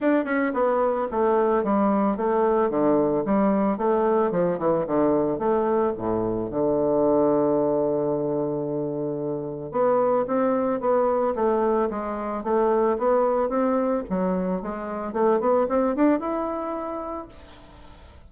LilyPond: \new Staff \with { instrumentName = "bassoon" } { \time 4/4 \tempo 4 = 111 d'8 cis'8 b4 a4 g4 | a4 d4 g4 a4 | f8 e8 d4 a4 a,4 | d1~ |
d2 b4 c'4 | b4 a4 gis4 a4 | b4 c'4 fis4 gis4 | a8 b8 c'8 d'8 e'2 | }